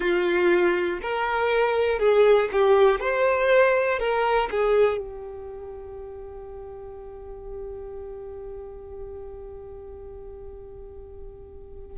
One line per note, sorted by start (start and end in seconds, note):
0.00 0.99 F4
1.01 1.99 A#4
1.99 2.49 G#4
2.51 3.00 G4
3.00 3.99 C5
3.99 4.49 A#4
4.50 4.97 G#4
4.97 11.97 G4